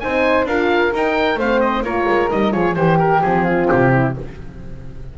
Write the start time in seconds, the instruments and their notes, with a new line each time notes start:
0.00 double bass C4, horn D#4, flute C5, oboe G#5
0.45 double bass D4, horn F4, flute A#4, oboe F5
0.93 horn D#4, double bass D#4, oboe G5
1.36 double bass A3, horn C4, flute C5, oboe F5
1.61 oboe D#5
1.83 double bass A#3, horn F4, flute A#4, oboe C#5
2.09 double bass G#3
2.30 double bass G3, horn D#4, oboe D#5
2.52 double bass F3, horn F4, flute G#4, oboe C#5
2.75 double bass E3, flute G4, horn G4, oboe C5
2.99 oboe A#4
3.22 double bass F3, horn C4, oboe G#4
3.45 flute F4
3.69 double bass C3, oboe G4
3.92 flute E4